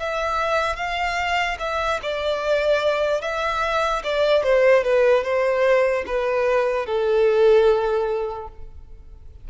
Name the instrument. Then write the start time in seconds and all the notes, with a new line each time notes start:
violin
0.00 E5
0.77 F5
1.60 E5
2.03 D5
3.22 E5
4.04 D5
4.44 C5
4.84 B4
5.24 C5
6.07 B4
6.87 A4